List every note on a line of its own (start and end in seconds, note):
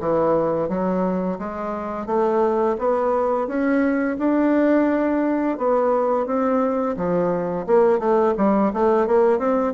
0.00 0.68 E3
0.68 1.38 F#3
1.39 2.06 G#3
2.06 2.76 A3
2.79 3.47 B3
3.47 4.17 C#4
4.19 5.58 D4
5.58 6.26 B3
6.26 6.96 C4
6.96 7.66 F3
7.66 7.99 A#3
7.99 8.34 A3
8.37 8.72 G3
8.73 9.07 A3
9.07 9.38 A#3
9.38 9.73 C4